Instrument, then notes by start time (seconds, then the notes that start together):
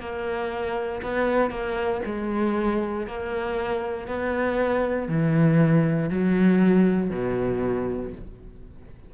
cello
0.00 A#3
1.03 B3
1.50 A#3
2.05 G#3
3.07 A#3
4.07 B3
5.08 E3
6.10 F#3
7.10 B2